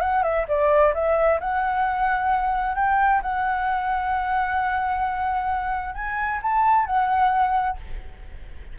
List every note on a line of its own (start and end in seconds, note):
0.00 0.23 F#5
0.23 0.46 E5
0.48 0.94 D5
0.94 1.40 E5
1.40 2.75 F#5
2.75 3.21 G5
3.22 5.95 F#5
5.95 6.40 G#5
6.42 6.86 A5
6.86 7.77 F#5